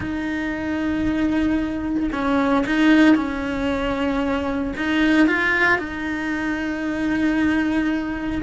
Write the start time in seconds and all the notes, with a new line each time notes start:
0.00 D#4
2.12 C#4
2.66 D#4
3.15 C#4
4.77 D#4
5.27 F4
5.78 D#4